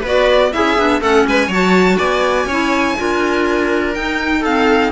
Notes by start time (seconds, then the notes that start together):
0.00 B3 F#4 B4
0.06 D5
0.52 C#4 E4 G#4 E5
0.77 B3 D4
1.00 A3 C#4 A4 F#5
1.26 G#3 B4 G#5
1.48 F#3 F#4 C#5 A5
1.97 B3 D5 G#5
2.45 C#4 E4 C#5
2.97 D4 F4 A#4
3.94 D#4 G5
4.41 C4 A4 F5